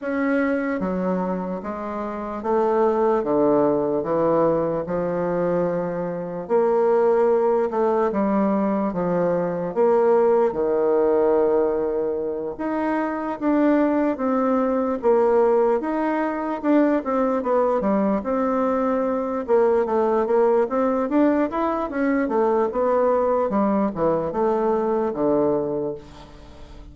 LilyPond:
\new Staff \with { instrumentName = "bassoon" } { \time 4/4 \tempo 4 = 74 cis'4 fis4 gis4 a4 | d4 e4 f2 | ais4. a8 g4 f4 | ais4 dis2~ dis8 dis'8~ |
dis'8 d'4 c'4 ais4 dis'8~ | dis'8 d'8 c'8 b8 g8 c'4. | ais8 a8 ais8 c'8 d'8 e'8 cis'8 a8 | b4 g8 e8 a4 d4 | }